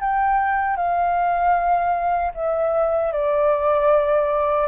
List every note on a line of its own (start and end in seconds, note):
0.00 0.77 G5
0.77 2.32 F5
2.34 3.12 E5
3.12 4.68 D5